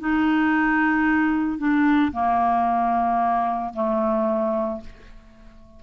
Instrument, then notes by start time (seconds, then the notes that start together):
clarinet
0.00 D#4
1.58 D4
2.12 A#3
3.74 A3